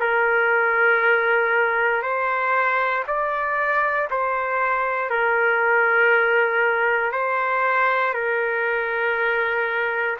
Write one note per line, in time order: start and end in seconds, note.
0.00 2.02 A#4
2.02 3.04 C5
3.07 4.09 D5
4.10 5.10 C5
5.10 7.12 A#4
7.12 8.14 C5
8.14 10.17 A#4